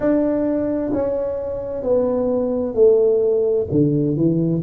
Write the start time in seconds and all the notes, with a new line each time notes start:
0.00 D4
0.93 C#4
1.83 B3
2.74 A3
3.71 D3
4.16 E3